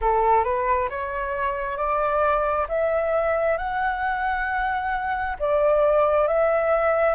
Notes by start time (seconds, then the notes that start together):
0.01 A4
0.44 B4
0.89 C#5
1.77 D5
2.68 E5
3.57 F#5
5.39 D5
6.27 E5